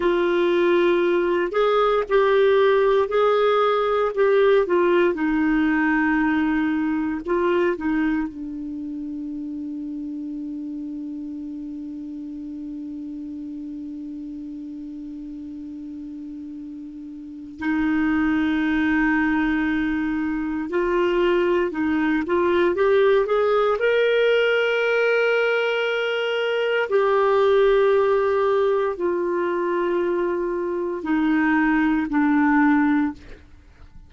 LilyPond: \new Staff \with { instrumentName = "clarinet" } { \time 4/4 \tempo 4 = 58 f'4. gis'8 g'4 gis'4 | g'8 f'8 dis'2 f'8 dis'8 | d'1~ | d'1~ |
d'4 dis'2. | f'4 dis'8 f'8 g'8 gis'8 ais'4~ | ais'2 g'2 | f'2 dis'4 d'4 | }